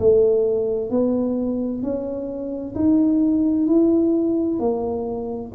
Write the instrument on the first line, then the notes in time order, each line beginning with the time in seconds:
tuba
0.00 A3
0.91 B3
1.83 C#4
2.75 D#4
3.68 E4
4.60 A#3